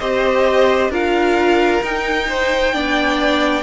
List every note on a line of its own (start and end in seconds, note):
0.00 0.90 C4
0.00 0.92 G4
0.00 0.91 C5
0.00 0.91 D#5
0.90 1.80 D4
0.90 1.83 F4
0.90 2.27 A#4
0.90 1.85 F5
1.83 2.73 D#4
1.83 2.74 D#4
1.83 3.63 G5
2.29 2.74 C5
2.73 3.63 B3
2.73 3.63 D4
2.73 3.63 D5